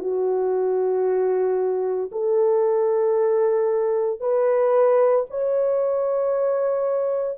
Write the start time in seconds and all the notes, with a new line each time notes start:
0.00 F#4
2.12 A4
4.20 B4
5.30 C#5